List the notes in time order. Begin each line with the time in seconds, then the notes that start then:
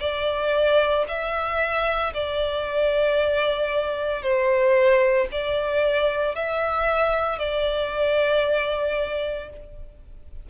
0.00 D5
1.08 E5
2.13 D5
4.22 C5
5.32 D5
6.35 E5
7.39 D5